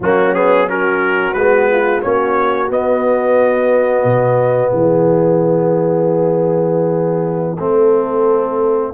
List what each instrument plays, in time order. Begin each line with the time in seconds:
0.00 tuba F#3, trombone A#3, horn C#4, trumpet F#4
0.34 trombone B3, trumpet G#4
0.68 trombone C#4, horn F#4, trumpet A#4
1.33 tuba G#3, trombone B3, trumpet B4
1.71 horn F4
2.00 tuba A#3, trombone C#4, horn F#4, trumpet C#5
2.68 trombone B3, tuba B3, trumpet D#5
4.04 tuba B2
4.70 tuba E3, horn G#4, trumpet E5
7.58 tuba A3, trombone C4, horn A4